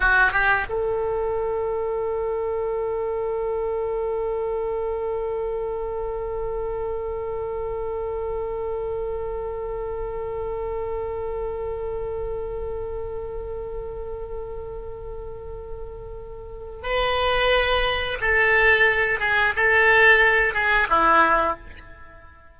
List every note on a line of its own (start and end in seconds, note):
0.00 0.32 F#4
0.32 0.66 G4
0.69 16.83 A4
16.83 18.17 B4
18.20 19.20 A4
19.20 19.53 G#4
19.55 20.53 A4
20.53 20.87 G#4
20.89 21.56 E4